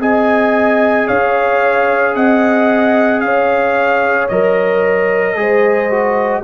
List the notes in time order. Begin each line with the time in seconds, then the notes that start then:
0.00 C4 G#4 D#5 G#5
1.08 C#4 C#5 F5
2.15 C4 D#5 F#5
3.21 C#4 C#5 F5
4.29 F#3 A#4 D#5
5.36 G#3 G#4 C5
5.91 F#4